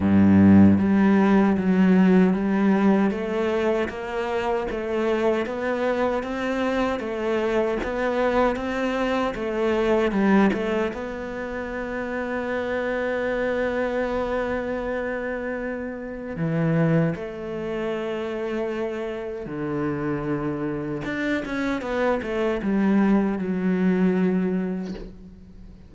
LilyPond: \new Staff \with { instrumentName = "cello" } { \time 4/4 \tempo 4 = 77 g,4 g4 fis4 g4 | a4 ais4 a4 b4 | c'4 a4 b4 c'4 | a4 g8 a8 b2~ |
b1~ | b4 e4 a2~ | a4 d2 d'8 cis'8 | b8 a8 g4 fis2 | }